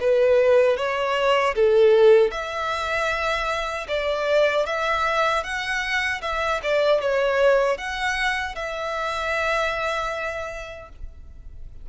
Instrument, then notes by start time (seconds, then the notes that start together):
violin
0.00 B4
0.77 C#5
1.55 A4
2.31 E5
3.88 D5
4.66 E5
5.44 F#5
6.22 E5
6.63 D5
7.01 C#5
7.78 F#5
8.56 E5